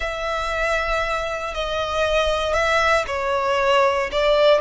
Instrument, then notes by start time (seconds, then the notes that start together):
violin
0.00 E5
1.54 D#5
2.53 E5
3.07 C#5
4.11 D5